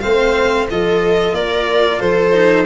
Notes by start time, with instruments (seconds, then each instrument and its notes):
0.00 tuba A3, cello C4, viola C5, violin F5
0.70 tuba F3, cello F4, viola A4, violin D#5
1.32 tuba A#3, viola A#4, violin D5
1.99 tuba F3, viola A4, violin C5
2.32 cello D#4